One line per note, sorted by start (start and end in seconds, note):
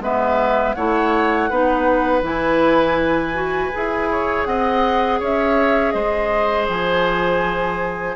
0.00 0.74 G#3
0.00 0.75 B3
0.00 0.76 B4
0.00 0.74 E5
0.74 1.50 A3
0.74 1.50 E4
0.74 1.50 C#5
0.74 2.22 F#5
1.50 2.22 B3
1.50 2.23 D#4
1.50 4.09 B4
2.22 3.70 E3
2.22 3.33 E4
2.22 4.45 G#5
3.33 3.71 F#4
3.73 4.46 E4
3.73 8.16 G#4
4.11 4.48 C#5
4.45 5.20 C4
4.45 5.19 D#5
4.45 5.19 F#5
5.19 5.94 C#4
5.19 5.94 C#5
5.19 5.91 E5
5.91 6.68 G#3
5.91 8.16 C5
5.91 6.65 D#5
6.69 8.16 F3
6.69 8.16 G#5